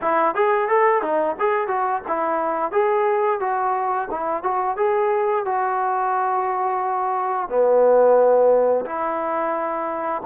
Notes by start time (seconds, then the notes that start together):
0.01 E4
0.34 G#4
0.68 A4
1.02 D#4
1.39 G#4
1.67 F#4
2.07 E4
2.71 G#4
3.40 F#4
4.10 E4
4.43 F#4
4.76 G#4
5.45 F#4
7.48 B3
8.85 E4